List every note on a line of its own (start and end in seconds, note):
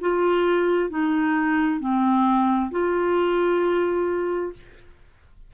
0.00 0.89 F4
0.89 1.79 D#4
1.79 2.70 C4
2.70 4.52 F4